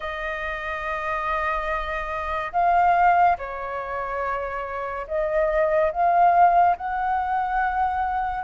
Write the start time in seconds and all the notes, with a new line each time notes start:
0.00 D#5
2.52 F5
3.38 C#5
5.07 D#5
5.92 F5
6.76 F#5